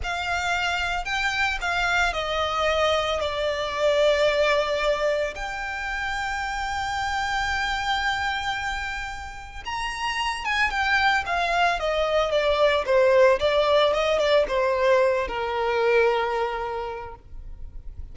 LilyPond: \new Staff \with { instrumentName = "violin" } { \time 4/4 \tempo 4 = 112 f''2 g''4 f''4 | dis''2 d''2~ | d''2 g''2~ | g''1~ |
g''2 ais''4. gis''8 | g''4 f''4 dis''4 d''4 | c''4 d''4 dis''8 d''8 c''4~ | c''8 ais'2.~ ais'8 | }